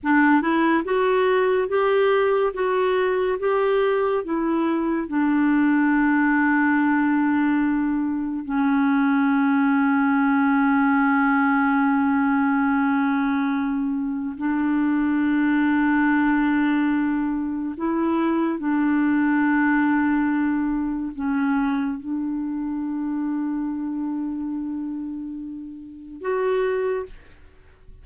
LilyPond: \new Staff \with { instrumentName = "clarinet" } { \time 4/4 \tempo 4 = 71 d'8 e'8 fis'4 g'4 fis'4 | g'4 e'4 d'2~ | d'2 cis'2~ | cis'1~ |
cis'4 d'2.~ | d'4 e'4 d'2~ | d'4 cis'4 d'2~ | d'2. fis'4 | }